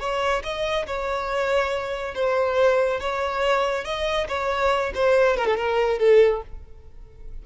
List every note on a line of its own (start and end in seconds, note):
0.00 0.43 C#5
0.44 0.86 D#5
0.87 2.15 C#5
2.15 3.00 C5
3.00 3.85 C#5
3.85 4.28 D#5
4.29 4.93 C#5
4.95 5.37 C5
5.37 5.47 A#4
5.47 5.57 A4
5.57 6.00 A#4
6.00 6.42 A4